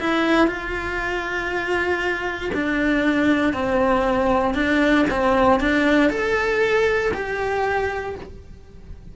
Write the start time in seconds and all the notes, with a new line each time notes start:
0.00 E4
0.47 F4
2.54 D4
3.53 C4
4.54 D4
5.10 C4
5.60 D4
6.10 A4
7.13 G4